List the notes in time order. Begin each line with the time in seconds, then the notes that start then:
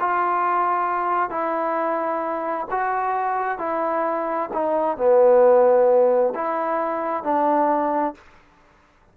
0.00 F4
1.30 E4
2.71 F#4
3.59 E4
4.53 D#4
4.97 B3
6.35 E4
7.24 D4